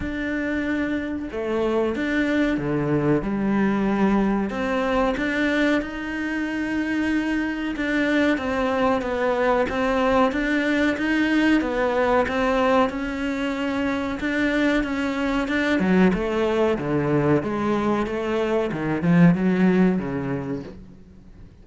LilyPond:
\new Staff \with { instrumentName = "cello" } { \time 4/4 \tempo 4 = 93 d'2 a4 d'4 | d4 g2 c'4 | d'4 dis'2. | d'4 c'4 b4 c'4 |
d'4 dis'4 b4 c'4 | cis'2 d'4 cis'4 | d'8 fis8 a4 d4 gis4 | a4 dis8 f8 fis4 cis4 | }